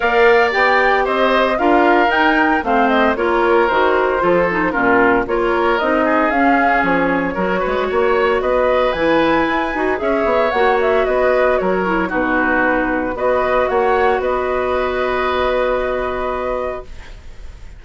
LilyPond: <<
  \new Staff \with { instrumentName = "flute" } { \time 4/4 \tempo 4 = 114 f''4 g''4 dis''4 f''4 | g''4 f''8 dis''8 cis''4 c''4~ | c''4 ais'4 cis''4 dis''4 | f''4 cis''2. |
dis''4 gis''2 e''4 | fis''8 e''8 dis''4 cis''4 b'4~ | b'4 dis''4 fis''4 dis''4~ | dis''1 | }
  \new Staff \with { instrumentName = "oboe" } { \time 4/4 d''2 c''4 ais'4~ | ais'4 c''4 ais'2 | a'4 f'4 ais'4. gis'8~ | gis'2 ais'8 b'8 cis''4 |
b'2. cis''4~ | cis''4 b'4 ais'4 fis'4~ | fis'4 b'4 cis''4 b'4~ | b'1 | }
  \new Staff \with { instrumentName = "clarinet" } { \time 4/4 ais'4 g'2 f'4 | dis'4 c'4 f'4 fis'4 | f'8 dis'8 cis'4 f'4 dis'4 | cis'2 fis'2~ |
fis'4 e'4. fis'8 gis'4 | fis'2~ fis'8 e'8 dis'4~ | dis'4 fis'2.~ | fis'1 | }
  \new Staff \with { instrumentName = "bassoon" } { \time 4/4 ais4 b4 c'4 d'4 | dis'4 a4 ais4 dis4 | f4 ais,4 ais4 c'4 | cis'4 f4 fis8 gis8 ais4 |
b4 e4 e'8 dis'8 cis'8 b8 | ais4 b4 fis4 b,4~ | b,4 b4 ais4 b4~ | b1 | }
>>